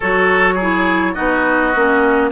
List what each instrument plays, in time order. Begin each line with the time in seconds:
0.00 bassoon F#3, clarinet F#4, oboe A4, flute C#5
0.54 oboe G#4
0.60 clarinet E4
1.13 bassoon B3, clarinet D#4, oboe F#4, flute D#5
1.75 bassoon A#3, clarinet C#4